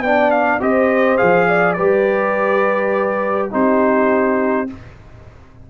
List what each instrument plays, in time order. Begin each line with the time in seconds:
0.00 tuba B3, trombone D4, horn D5, trumpet G5
0.31 trumpet F5
0.60 tuba C4, trombone G4, horn C5, trumpet D#5
1.17 tuba F3, trombone G#4, trumpet F5
1.48 horn D5
1.73 tuba G3, trombone G4, horn B4, trumpet D5
3.50 tuba C4, trombone D#4, horn G4, trumpet C5